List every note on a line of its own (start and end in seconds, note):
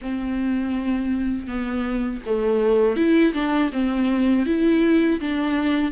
0.01 1.47 C4
1.47 2.21 B3
2.26 2.96 A3
2.96 3.33 E4
3.33 3.70 D4
3.72 4.46 C4
4.46 5.20 E4
5.20 5.91 D4